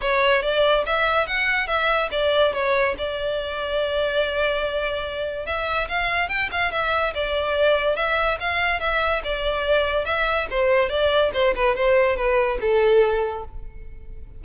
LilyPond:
\new Staff \with { instrumentName = "violin" } { \time 4/4 \tempo 4 = 143 cis''4 d''4 e''4 fis''4 | e''4 d''4 cis''4 d''4~ | d''1~ | d''4 e''4 f''4 g''8 f''8 |
e''4 d''2 e''4 | f''4 e''4 d''2 | e''4 c''4 d''4 c''8 b'8 | c''4 b'4 a'2 | }